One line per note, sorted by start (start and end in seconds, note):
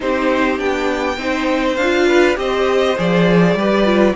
0.00 0.59 C4
0.00 0.58 D#4
0.00 1.19 G4
0.00 0.60 C5
0.58 1.17 B3
0.58 1.17 D4
0.58 1.76 G5
1.17 1.77 C4
1.17 1.77 D#4
1.17 2.07 C5
1.76 2.36 D4
1.76 2.35 F5
1.82 2.36 F4
2.07 2.37 B4
2.36 2.97 C4
2.36 2.95 G4
2.36 3.57 C5
2.36 2.98 D#5
2.97 3.54 F3
2.97 3.57 G#4
2.97 4.15 D5
3.54 4.14 G3
3.54 3.85 G4
3.54 4.15 B4
3.85 4.14 F4